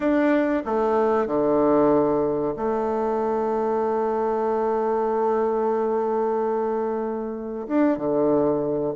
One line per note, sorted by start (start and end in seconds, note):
0.00 0.62 D4
0.65 1.26 A3
1.26 2.54 D3
2.56 7.67 A3
7.67 7.97 D4
7.97 8.93 D3